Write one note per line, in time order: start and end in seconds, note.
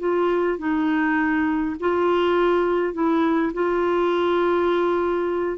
0.00 0.59 F4
0.59 1.76 D#4
1.80 2.94 F4
2.94 3.53 E4
3.54 5.58 F4